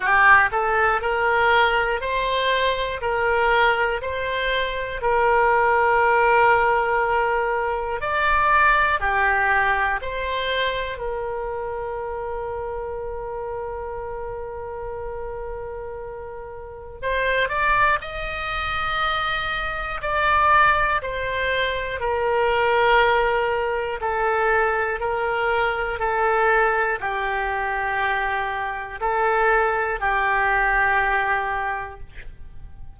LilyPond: \new Staff \with { instrumentName = "oboe" } { \time 4/4 \tempo 4 = 60 g'8 a'8 ais'4 c''4 ais'4 | c''4 ais'2. | d''4 g'4 c''4 ais'4~ | ais'1~ |
ais'4 c''8 d''8 dis''2 | d''4 c''4 ais'2 | a'4 ais'4 a'4 g'4~ | g'4 a'4 g'2 | }